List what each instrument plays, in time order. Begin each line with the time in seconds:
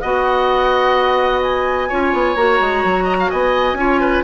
0.00 bassoon B3, clarinet F#4, oboe D#5, flute F#5
1.43 flute G#5
1.89 bassoon C#4, clarinet F4, oboe C#5
2.13 bassoon B3
2.36 bassoon A#3, clarinet F#4, flute A#5
2.61 bassoon G#3
2.84 bassoon F#3
3.04 oboe D#5
3.20 oboe F5
3.30 bassoon B3, oboe D#5, flute G#5
3.73 bassoon C#4, clarinet F4, oboe C#5
4.00 oboe B4